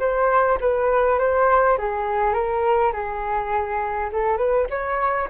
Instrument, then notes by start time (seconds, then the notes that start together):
flute
0.00 C5
0.61 B4
1.19 C5
1.78 G#4
2.34 A#4
2.93 G#4
4.13 A4
4.38 B4
4.71 C#5